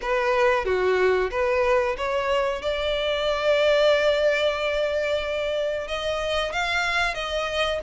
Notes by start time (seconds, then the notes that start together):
0.01 B4
0.65 F#4
1.30 B4
1.97 C#5
2.61 D5
5.87 D#5
6.52 F5
7.14 D#5